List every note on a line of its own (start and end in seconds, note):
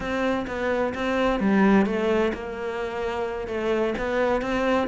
0.00 0.45 C4
0.47 0.93 B3
0.94 1.40 C4
1.40 1.86 G3
1.86 2.32 A3
2.33 3.47 A#3
3.47 3.94 A3
3.98 4.41 B3
4.41 4.87 C4